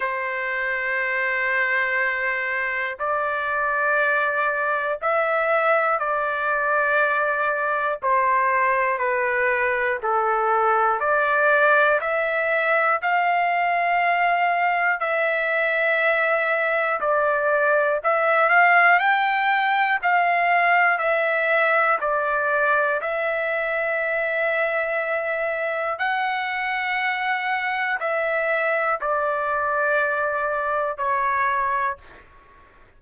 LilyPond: \new Staff \with { instrumentName = "trumpet" } { \time 4/4 \tempo 4 = 60 c''2. d''4~ | d''4 e''4 d''2 | c''4 b'4 a'4 d''4 | e''4 f''2 e''4~ |
e''4 d''4 e''8 f''8 g''4 | f''4 e''4 d''4 e''4~ | e''2 fis''2 | e''4 d''2 cis''4 | }